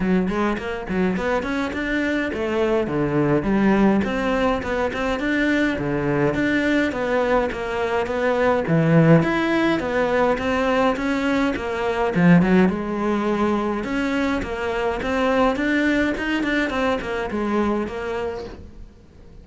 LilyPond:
\new Staff \with { instrumentName = "cello" } { \time 4/4 \tempo 4 = 104 fis8 gis8 ais8 fis8 b8 cis'8 d'4 | a4 d4 g4 c'4 | b8 c'8 d'4 d4 d'4 | b4 ais4 b4 e4 |
e'4 b4 c'4 cis'4 | ais4 f8 fis8 gis2 | cis'4 ais4 c'4 d'4 | dis'8 d'8 c'8 ais8 gis4 ais4 | }